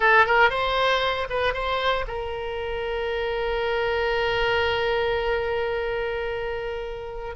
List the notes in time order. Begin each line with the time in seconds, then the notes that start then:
0.00 A4
0.26 A#4
0.50 C5
1.29 B4
1.53 C5
2.07 A#4